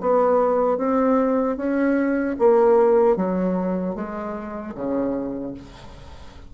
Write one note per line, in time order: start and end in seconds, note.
0.00 0.77 B3
0.77 1.56 C4
1.56 2.35 C#4
2.38 3.16 A#3
3.16 3.95 F#3
3.95 4.74 G#3
4.74 5.53 C#3